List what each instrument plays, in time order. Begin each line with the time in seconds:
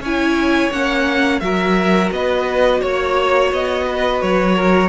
0.00 cello C#4, violin C#5 G#5
0.06 viola E4
0.72 cello A#3, viola C#4, violin F#5
1.40 cello F#3, viola F#4, violin A#4 E5
2.11 cello B3, violin B4 D#5
2.81 cello A#3, violin C#5
3.52 cello B3, violin D#5
3.87 violin B4
4.22 cello F#3, violin C#5
4.56 violin A#4